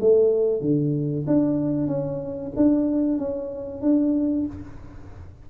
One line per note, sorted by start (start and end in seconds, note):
0.00 0.61 A3
0.61 1.25 D3
1.27 1.87 D4
1.87 2.52 C#4
2.56 3.18 D4
3.18 3.82 C#4
3.82 4.46 D4